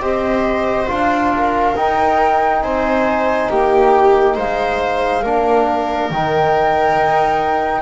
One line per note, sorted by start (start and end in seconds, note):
0.00 0.87 C4
0.00 0.87 G4
0.00 1.33 C5
0.00 0.88 D#5
0.87 1.76 D4
0.87 1.74 F4
0.87 1.76 F5
1.37 2.64 A#4
1.76 2.62 D#4
1.76 5.24 D#4
1.76 2.62 G5
2.62 3.49 C4
2.62 3.49 C5
2.62 3.49 G#5
3.49 4.37 A#3
3.49 4.35 G4
3.49 4.37 G5
4.35 5.23 G#3
4.35 5.22 C5
4.35 6.10 F5
5.22 6.10 A#3
5.22 6.12 D4
5.22 7.82 A#4
6.10 6.96 D#3
6.10 7.82 D#4
6.10 7.82 G5
6.96 7.82 D#4